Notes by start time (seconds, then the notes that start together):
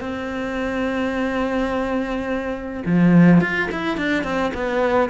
0.00 C4
2.85 F3
3.41 F4
3.71 E4
3.97 D4
4.23 C4
4.54 B3